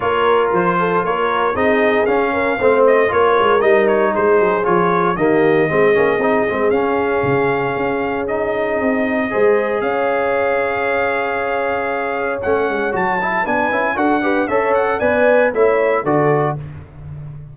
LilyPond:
<<
  \new Staff \with { instrumentName = "trumpet" } { \time 4/4 \tempo 4 = 116 cis''4 c''4 cis''4 dis''4 | f''4. dis''8 cis''4 dis''8 cis''8 | c''4 cis''4 dis''2~ | dis''4 f''2. |
dis''2. f''4~ | f''1 | fis''4 a''4 gis''4 fis''4 | e''8 fis''8 gis''4 e''4 d''4 | }
  \new Staff \with { instrumentName = "horn" } { \time 4/4 ais'4. a'8 ais'4 gis'4~ | gis'8 ais'8 c''4 ais'2 | gis'2 g'4 gis'4~ | gis'1~ |
gis'2 c''4 cis''4~ | cis''1~ | cis''2 b'4 a'8 b'8 | cis''4 d''4 cis''4 a'4 | }
  \new Staff \with { instrumentName = "trombone" } { \time 4/4 f'2. dis'4 | cis'4 c'4 f'4 dis'4~ | dis'4 f'4 ais4 c'8 cis'8 | dis'8 c'8 cis'2. |
dis'2 gis'2~ | gis'1 | cis'4 fis'8 e'8 d'8 e'8 fis'8 g'8 | a'4 b'4 e'4 fis'4 | }
  \new Staff \with { instrumentName = "tuba" } { \time 4/4 ais4 f4 ais4 c'4 | cis'4 a4 ais8 gis8 g4 | gis8 fis8 f4 dis4 gis8 ais8 | c'8 gis8 cis'4 cis4 cis'4~ |
cis'4 c'4 gis4 cis'4~ | cis'1 | a8 gis8 fis4 b8 cis'8 d'4 | cis'4 b4 a4 d4 | }
>>